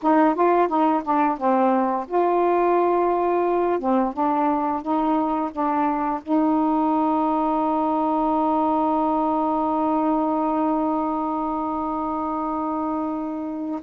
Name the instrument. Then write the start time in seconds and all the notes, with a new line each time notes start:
saxophone
0.02 D#4
0.34 F4
0.67 D#4
1.03 D4
1.37 C4
2.07 F4
3.79 C4
4.13 D4
4.82 D#4
5.51 D4
6.22 D#4